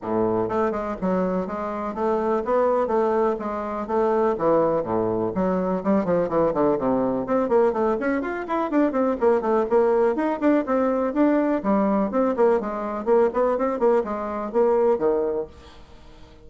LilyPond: \new Staff \with { instrumentName = "bassoon" } { \time 4/4 \tempo 4 = 124 a,4 a8 gis8 fis4 gis4 | a4 b4 a4 gis4 | a4 e4 a,4 fis4 | g8 f8 e8 d8 c4 c'8 ais8 |
a8 cis'8 f'8 e'8 d'8 c'8 ais8 a8 | ais4 dis'8 d'8 c'4 d'4 | g4 c'8 ais8 gis4 ais8 b8 | c'8 ais8 gis4 ais4 dis4 | }